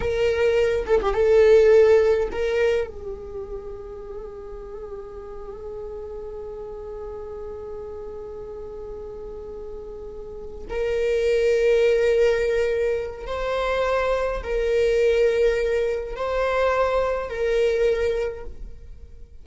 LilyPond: \new Staff \with { instrumentName = "viola" } { \time 4/4 \tempo 4 = 104 ais'4. a'16 g'16 a'2 | ais'4 gis'2.~ | gis'1~ | gis'1~ |
gis'2~ gis'8 ais'4.~ | ais'2. c''4~ | c''4 ais'2. | c''2 ais'2 | }